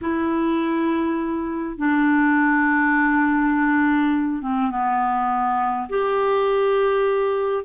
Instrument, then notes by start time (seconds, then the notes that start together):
clarinet
0.01 E4
1.77 D4
4.41 C4
4.70 B3
5.89 G4